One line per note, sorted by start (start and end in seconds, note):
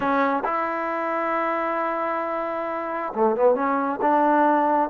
0.00 0.43 C#4
0.44 3.13 E4
3.14 3.36 A3
3.36 3.54 B3
3.54 3.99 C#4
4.01 4.89 D4